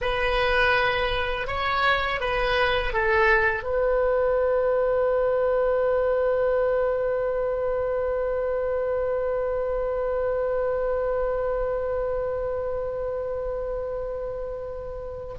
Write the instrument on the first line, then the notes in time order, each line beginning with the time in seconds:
oboe
0.01 B4
1.47 C#5
2.20 B4
2.93 A4
3.63 B4